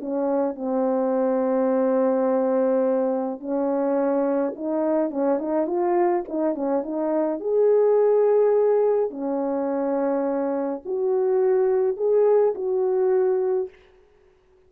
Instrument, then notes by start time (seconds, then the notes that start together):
horn
0.00 C#4
0.56 C4
3.40 C#4
4.56 D#4
5.11 C#4
5.39 D#4
5.67 F4
6.28 D#4
6.55 C#4
6.83 D#4
7.40 G#4
9.10 C#4
10.85 F#4
11.97 G#4
12.55 F#4